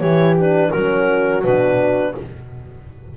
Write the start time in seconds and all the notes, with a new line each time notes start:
0.00 E3 E4 G4 C#5
0.40 D4 B4
0.71 F#3 C#4 F#4 A#4
1.44 B2 D4 B4